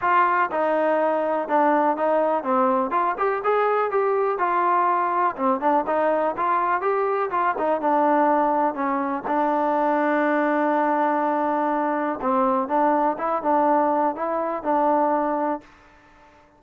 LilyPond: \new Staff \with { instrumentName = "trombone" } { \time 4/4 \tempo 4 = 123 f'4 dis'2 d'4 | dis'4 c'4 f'8 g'8 gis'4 | g'4 f'2 c'8 d'8 | dis'4 f'4 g'4 f'8 dis'8 |
d'2 cis'4 d'4~ | d'1~ | d'4 c'4 d'4 e'8 d'8~ | d'4 e'4 d'2 | }